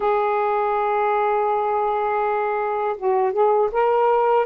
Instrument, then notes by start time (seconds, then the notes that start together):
saxophone
0.00 G#4
2.97 F#4
3.32 G#4
3.72 A#4